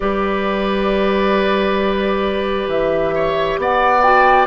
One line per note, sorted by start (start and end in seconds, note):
0.00 2.67 G3
0.00 4.01 G4
0.00 3.14 B4
0.00 2.69 D5
2.67 3.57 E3
2.67 3.59 E5
3.14 3.59 C#5
3.57 4.46 B3
3.57 4.46 D5
3.57 4.01 F#5
4.01 4.46 F#4
4.01 4.46 G5